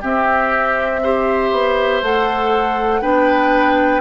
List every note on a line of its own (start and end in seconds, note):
0.00 1.02 C4
0.00 1.52 C4
0.00 1.00 G4
0.00 2.03 E5
1.03 2.03 G4
1.03 3.01 C5
1.52 2.02 B3
2.02 3.02 A3
2.02 3.02 A4
2.02 3.02 F#5
3.01 4.01 B3
3.01 4.01 D4
3.01 4.01 B4
3.01 4.01 G5